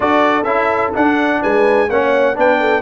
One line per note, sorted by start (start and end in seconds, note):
0.00 0.44 D4
0.00 0.43 F#4
0.00 1.41 A4
0.00 0.44 D5
0.44 0.91 C#4
0.44 0.93 E4
0.44 0.91 E5
0.94 1.88 D4
0.94 1.42 D4
0.94 1.42 F#5
1.41 1.89 G#3
1.41 1.89 B4
1.41 1.90 G#5
1.89 2.36 A#3
1.89 2.35 C#4
1.89 2.37 C#5
1.89 2.37 F#5
2.35 2.81 B3
2.35 2.81 D4
2.35 2.60 B4
2.35 2.81 G5
2.60 2.81 A4